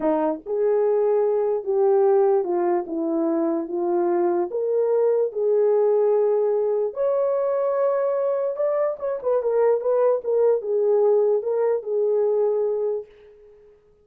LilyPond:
\new Staff \with { instrumentName = "horn" } { \time 4/4 \tempo 4 = 147 dis'4 gis'2. | g'2 f'4 e'4~ | e'4 f'2 ais'4~ | ais'4 gis'2.~ |
gis'4 cis''2.~ | cis''4 d''4 cis''8 b'8 ais'4 | b'4 ais'4 gis'2 | ais'4 gis'2. | }